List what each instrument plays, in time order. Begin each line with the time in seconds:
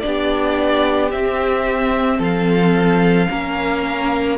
0.00 cello B3, viola D4, violin D5
0.06 violin G4
1.11 cello C4, viola C4, violin E5
2.18 cello F3, violin A4 F5
3.30 cello A#3, viola C#4, violin A#4